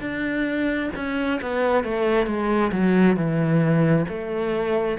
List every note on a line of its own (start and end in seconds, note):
0.00 0.90 D4
0.96 1.40 C#4
1.42 1.84 B3
1.84 2.26 A3
2.26 2.71 G#3
2.72 3.16 F#3
3.16 4.05 E3
4.08 4.98 A3